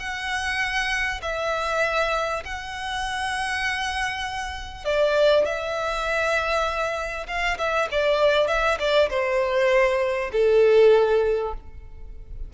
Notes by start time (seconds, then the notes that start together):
0.00 F#5
1.22 E5
2.45 F#5
4.85 D5
5.46 E5
7.28 F5
7.58 E5
7.92 D5
8.48 E5
8.80 D5
9.10 C5
10.33 A4